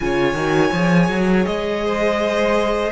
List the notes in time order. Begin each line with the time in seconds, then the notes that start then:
0.00 C#3 F4 C#5 G#5
0.33 D#3 F#4
0.72 F3 G#4
1.09 F#3
1.45 G#3 D#5
1.85 C5